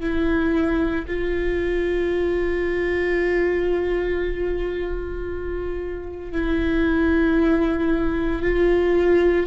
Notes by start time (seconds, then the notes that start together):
0.00 E4
1.07 F4
6.32 E4
8.42 F4